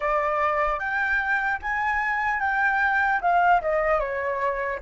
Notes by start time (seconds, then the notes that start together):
0.00 D5
0.79 G5
1.61 G#5
2.40 G5
3.21 F5
3.61 D#5
3.99 C#5